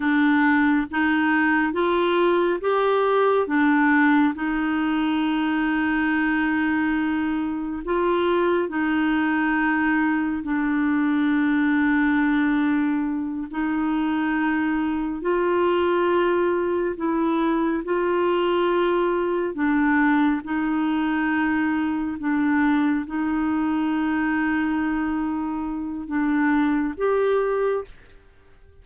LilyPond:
\new Staff \with { instrumentName = "clarinet" } { \time 4/4 \tempo 4 = 69 d'4 dis'4 f'4 g'4 | d'4 dis'2.~ | dis'4 f'4 dis'2 | d'2.~ d'8 dis'8~ |
dis'4. f'2 e'8~ | e'8 f'2 d'4 dis'8~ | dis'4. d'4 dis'4.~ | dis'2 d'4 g'4 | }